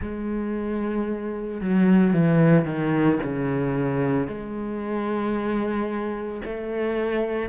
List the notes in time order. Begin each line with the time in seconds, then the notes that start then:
0.01 G#3
1.61 F#3
2.13 E3
2.65 D#3
3.23 C#3
4.27 G#3
6.44 A3